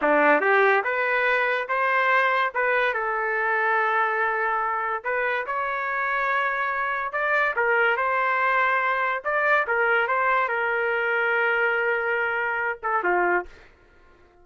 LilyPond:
\new Staff \with { instrumentName = "trumpet" } { \time 4/4 \tempo 4 = 143 d'4 g'4 b'2 | c''2 b'4 a'4~ | a'1 | b'4 cis''2.~ |
cis''4 d''4 ais'4 c''4~ | c''2 d''4 ais'4 | c''4 ais'2.~ | ais'2~ ais'8 a'8 f'4 | }